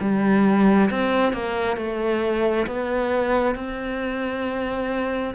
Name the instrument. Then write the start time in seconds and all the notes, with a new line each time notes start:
cello
0.00 G3
0.90 C4
1.33 A#3
1.77 A3
2.66 B3
3.55 C4